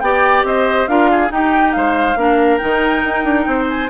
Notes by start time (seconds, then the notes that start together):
0.00 B3 G4 D5 G5
0.44 C4 C5 D#5
0.87 D4 F4 A#4 F5
1.11 G#4
1.28 D#4 G4 G5
1.72 G#3 C5 F5
2.16 A#3 D4 A#4
2.58 D#3 D#4 G5
3.04 D#4
3.24 D4
3.46 C4 C5
3.69 G#5